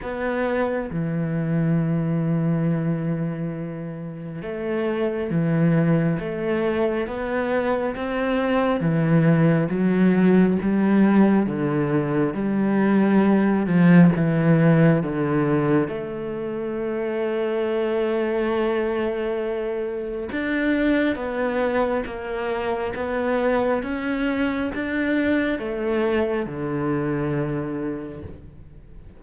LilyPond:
\new Staff \with { instrumentName = "cello" } { \time 4/4 \tempo 4 = 68 b4 e2.~ | e4 a4 e4 a4 | b4 c'4 e4 fis4 | g4 d4 g4. f8 |
e4 d4 a2~ | a2. d'4 | b4 ais4 b4 cis'4 | d'4 a4 d2 | }